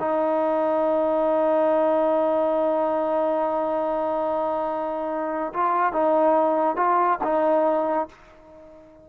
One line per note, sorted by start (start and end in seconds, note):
0.00 5.53 D#4
5.54 5.93 F4
5.93 6.77 D#4
6.77 7.19 F4
7.24 8.09 D#4